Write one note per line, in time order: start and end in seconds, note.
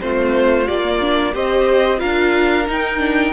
0.00 0.69 A3
0.00 0.67 C4
0.00 1.34 F4
0.00 0.68 C5
0.67 1.35 A#3
0.67 0.84 G4
0.67 1.34 D5
0.85 1.01 A#3
1.01 1.33 D4
1.33 2.01 C4
1.33 1.99 G4
1.33 2.00 C5
1.33 2.00 D#5
1.99 2.68 D4
1.99 2.65 F4
1.99 3.33 A#4
1.99 2.66 F5
2.66 2.98 D#4
2.66 3.33 D#4
2.66 3.33 G5
2.98 3.32 D4